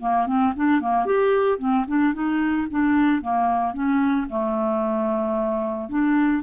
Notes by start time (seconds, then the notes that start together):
0.00 A#3
0.27 C4
0.56 D4
0.81 A#3
1.05 G4
1.58 C4
1.87 D4
2.13 D#4
2.71 D4
3.21 A#3
3.74 C#4
4.29 A3
5.89 D4